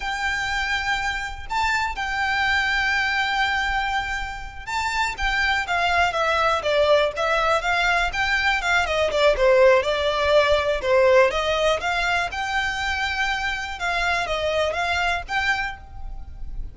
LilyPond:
\new Staff \with { instrumentName = "violin" } { \time 4/4 \tempo 4 = 122 g''2. a''4 | g''1~ | g''4. a''4 g''4 f''8~ | f''8 e''4 d''4 e''4 f''8~ |
f''8 g''4 f''8 dis''8 d''8 c''4 | d''2 c''4 dis''4 | f''4 g''2. | f''4 dis''4 f''4 g''4 | }